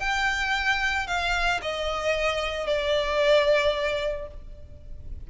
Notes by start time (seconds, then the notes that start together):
0.00 G5
1.07 F5
1.62 D#5
2.67 D5